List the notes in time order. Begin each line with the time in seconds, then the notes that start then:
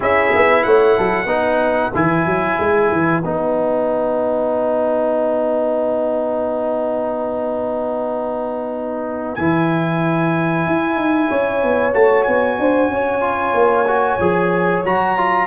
0.00 C#4 E4 G#4 E5
0.35 B3
0.63 A3 C#5 F#5
0.97 F#3 A4
1.25 B3 D#4 B4
1.94 E3 E4 G#5
2.25 F#3
2.59 G#3
2.91 E3
3.23 B3 D#4 F#5
9.34 E3 E4 G#5
10.66 E4
10.95 D#4
11.28 C#4 C#5
11.63 B3
11.92 A3 F#4 A5
12.23 B3 G#5
12.59 D4 C5
12.88 C#4 C#5
13.20 F4
13.53 A#3
13.87 F#4
14.19 F3 G#4
14.84 F#3 F#4 A#5
15.17 F4